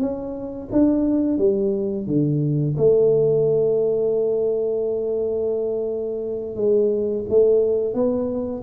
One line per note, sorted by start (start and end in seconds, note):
0.00 0.69 C#4
0.72 1.38 D4
1.38 2.07 G3
2.07 2.76 D3
2.77 6.56 A3
6.56 7.25 G#3
7.29 7.94 A3
7.94 8.63 B3